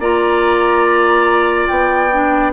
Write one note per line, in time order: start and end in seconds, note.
0.00 1.69 A#3
0.00 2.12 F4
0.00 2.54 D5
0.00 1.67 A#5
1.67 2.54 B3
1.67 2.52 G5
2.12 2.54 D4